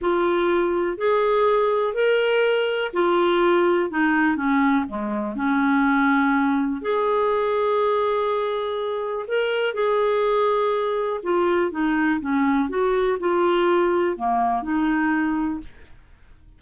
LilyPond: \new Staff \with { instrumentName = "clarinet" } { \time 4/4 \tempo 4 = 123 f'2 gis'2 | ais'2 f'2 | dis'4 cis'4 gis4 cis'4~ | cis'2 gis'2~ |
gis'2. ais'4 | gis'2. f'4 | dis'4 cis'4 fis'4 f'4~ | f'4 ais4 dis'2 | }